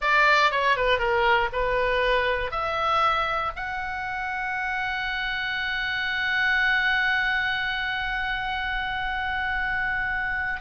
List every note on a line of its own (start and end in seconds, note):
0.01 0.51 D5
0.51 0.76 C#5
0.76 0.98 B4
0.98 1.49 A#4
1.52 2.51 B4
2.51 3.52 E5
3.56 10.60 F#5